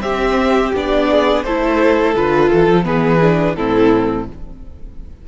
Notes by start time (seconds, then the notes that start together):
0.00 C4 G4 E5
0.75 B3 D4 D5
1.10 G#4
1.43 A3 E4 A4 C5
2.16 D3 F4 B4
2.49 E3 A4
2.67 F3
2.84 E3 B3 G#4 B4
3.21 D4
3.55 A2 C4 E4 A4